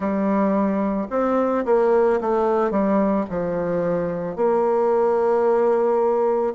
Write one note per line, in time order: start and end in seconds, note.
0.00 1.07 G3
1.10 1.64 C4
1.65 2.20 A#3
2.20 2.70 A3
2.70 3.25 G3
3.29 4.35 F3
4.35 6.54 A#3